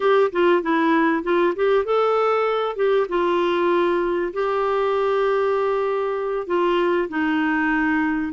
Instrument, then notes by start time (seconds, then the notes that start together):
clarinet
0.00 G4
0.31 F4
0.62 E4
1.23 F4
1.55 G4
1.84 A4
2.76 G4
3.08 F4
4.33 G4
6.46 F4
7.09 D#4